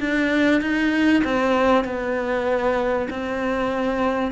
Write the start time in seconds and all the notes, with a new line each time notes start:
0.00 D4
0.61 D#4
1.24 C4
1.84 B3
3.10 C4